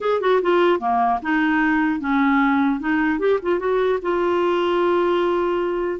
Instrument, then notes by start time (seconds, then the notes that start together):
clarinet
0.00 G#4
0.20 F#4
0.41 F4
0.79 A#3
1.22 D#4
2.00 C#4
2.80 D#4
3.19 G4
3.42 F4
3.59 F#4
4.02 F4